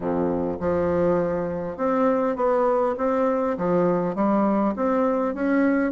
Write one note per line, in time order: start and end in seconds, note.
0.00 0.59 F2
0.59 1.77 F3
1.77 2.35 C4
2.35 2.95 B3
2.97 3.57 C4
3.57 4.15 F3
4.15 4.74 G3
4.76 5.34 C4
5.34 5.92 C#4